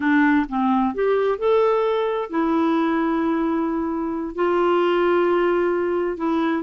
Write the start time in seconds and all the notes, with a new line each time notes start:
0.00 D4
0.49 C4
0.94 G4
1.38 A4
2.30 E4
4.35 F4
6.17 E4